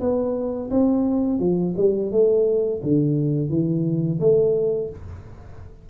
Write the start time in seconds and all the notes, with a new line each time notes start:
0.00 B3
0.70 C4
1.40 F3
1.77 G3
2.12 A3
2.83 D3
3.49 E3
4.20 A3